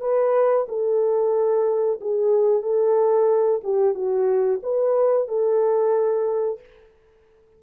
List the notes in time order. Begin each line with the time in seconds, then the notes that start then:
0.00 B4
0.68 A4
2.00 G#4
2.62 A4
3.63 G4
3.94 F#4
4.62 B4
5.28 A4